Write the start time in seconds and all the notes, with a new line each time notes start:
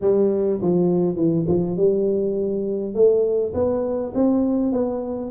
0.01 G3
0.61 F3
1.16 E3
1.47 F3
1.76 G3
2.94 A3
3.53 B3
4.14 C4
4.72 B3